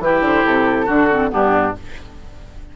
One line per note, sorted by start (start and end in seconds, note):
0.00 0.21 E3
0.00 0.87 E4
0.00 0.86 G4
0.00 0.24 B4
0.21 0.43 D3
0.21 0.46 C5
0.46 0.89 C3
0.46 1.32 A4
0.86 1.32 D3
0.86 1.09 D4
0.86 1.29 F#4
1.11 1.29 C4
1.29 1.76 G2
1.29 1.73 B3
1.29 1.77 D4
1.29 1.76 G4